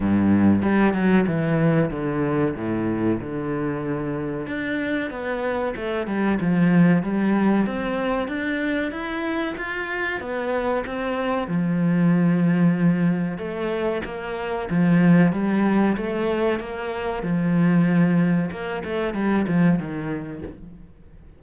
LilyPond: \new Staff \with { instrumentName = "cello" } { \time 4/4 \tempo 4 = 94 g,4 g8 fis8 e4 d4 | a,4 d2 d'4 | b4 a8 g8 f4 g4 | c'4 d'4 e'4 f'4 |
b4 c'4 f2~ | f4 a4 ais4 f4 | g4 a4 ais4 f4~ | f4 ais8 a8 g8 f8 dis4 | }